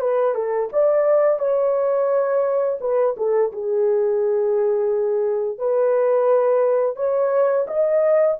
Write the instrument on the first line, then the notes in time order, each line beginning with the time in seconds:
horn
0.00 B4
0.34 A4
0.72 D5
1.39 C#5
2.80 B4
3.16 A4
3.52 G#4
5.58 B4
6.96 C#5
7.67 D#5